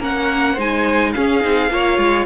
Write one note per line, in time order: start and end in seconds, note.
0.00 0.58 A#3
0.00 0.57 C#4
0.00 0.55 A#4
0.00 0.61 F#5
0.55 1.15 G#3
0.55 1.16 D#4
0.55 1.12 C5
0.61 1.13 G#5
1.13 1.41 C#4
1.13 1.44 C#4
1.13 1.73 G#4
1.13 2.26 F5
1.41 1.71 C4
1.41 1.69 D#4
1.70 1.98 A#3
1.70 2.26 F4
1.70 2.26 C#5
1.98 2.26 G#3